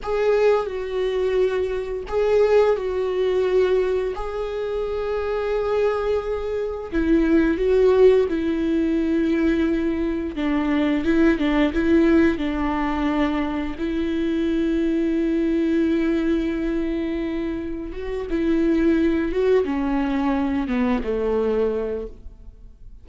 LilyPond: \new Staff \with { instrumentName = "viola" } { \time 4/4 \tempo 4 = 87 gis'4 fis'2 gis'4 | fis'2 gis'2~ | gis'2 e'4 fis'4 | e'2. d'4 |
e'8 d'8 e'4 d'2 | e'1~ | e'2 fis'8 e'4. | fis'8 cis'4. b8 a4. | }